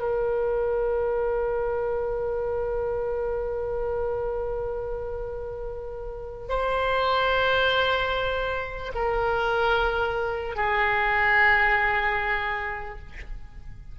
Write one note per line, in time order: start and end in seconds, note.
0.00 6.49 A#4
6.49 8.93 C5
8.95 10.56 A#4
10.56 13.00 G#4